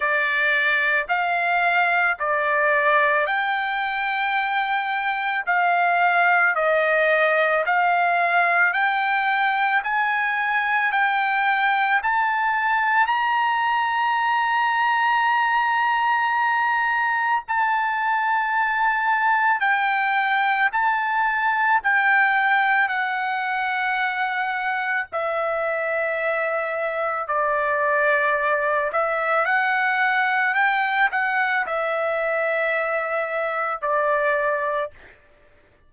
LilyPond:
\new Staff \with { instrumentName = "trumpet" } { \time 4/4 \tempo 4 = 55 d''4 f''4 d''4 g''4~ | g''4 f''4 dis''4 f''4 | g''4 gis''4 g''4 a''4 | ais''1 |
a''2 g''4 a''4 | g''4 fis''2 e''4~ | e''4 d''4. e''8 fis''4 | g''8 fis''8 e''2 d''4 | }